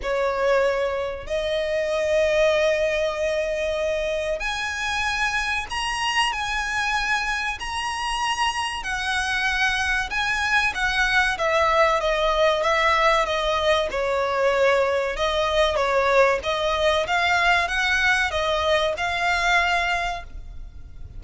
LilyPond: \new Staff \with { instrumentName = "violin" } { \time 4/4 \tempo 4 = 95 cis''2 dis''2~ | dis''2. gis''4~ | gis''4 ais''4 gis''2 | ais''2 fis''2 |
gis''4 fis''4 e''4 dis''4 | e''4 dis''4 cis''2 | dis''4 cis''4 dis''4 f''4 | fis''4 dis''4 f''2 | }